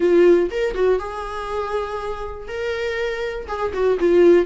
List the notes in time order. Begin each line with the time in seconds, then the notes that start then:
0.00 F4
0.50 A#4
0.74 F#4
0.99 G#4
2.47 A#4
3.47 G#4
3.73 F#4
3.99 F4